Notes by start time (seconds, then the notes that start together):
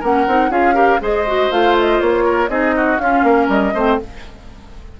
0.00 A#3 C#4 A#4 F#5
0.27 C4 D#4
0.50 C#4 F4 G#4 F5
0.74 G4 A#4
1.01 G#3 G#4 C5 D#5
1.27 F#4
1.51 A3 F4 F5
1.79 D#5
2.01 A#3 C#5
2.25 A#4
2.49 C4 D#4 G#4 D#5
2.76 F#4
2.98 C#4 F4 F5
3.23 A#3 A#4
3.49 G3 D#5
3.74 A3 C4 C5